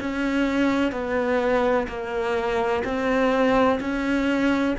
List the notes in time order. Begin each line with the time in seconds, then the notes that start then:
0.00 C#4
0.92 B3
1.88 A#3
2.84 C4
3.80 C#4